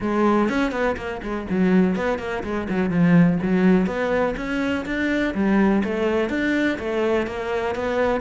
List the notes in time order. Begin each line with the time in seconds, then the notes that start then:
0.00 G#3
0.49 C#4
0.71 B3
0.97 A#3
1.22 G#3
1.50 F#3
1.96 B3
2.18 A#3
2.43 G#3
2.69 F#3
2.89 F3
3.42 F#3
3.86 B3
4.37 C#4
4.85 D4
5.34 G3
5.84 A3
6.29 D4
6.79 A3
7.26 A#3
7.75 B3